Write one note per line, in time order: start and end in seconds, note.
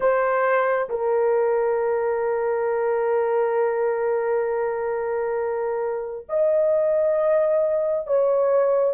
0.00 0.88 C5
0.89 6.26 A#4
6.28 8.06 D#5
8.06 8.94 C#5